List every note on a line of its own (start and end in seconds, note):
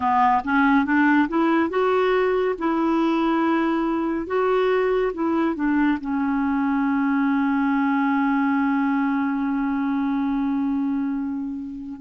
0.00 0.42 B3
0.44 0.85 C#4
0.85 1.28 D4
1.28 1.69 E4
1.69 2.55 F#4
2.58 4.26 E4
4.26 5.12 F#4
5.14 5.55 E4
5.55 5.98 D4
6.00 12.00 C#4